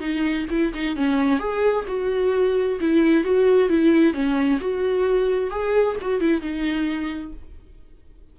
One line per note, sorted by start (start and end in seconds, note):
0.00 0.46 D#4
0.50 0.73 E4
0.74 0.96 D#4
0.96 1.39 C#4
1.39 1.85 G#4
1.88 2.79 F#4
2.80 3.24 E4
3.24 3.69 F#4
3.69 4.13 E4
4.13 4.59 C#4
4.60 5.50 F#4
5.50 5.96 G#4
6.01 6.20 F#4
6.20 6.41 E4
6.41 7.33 D#4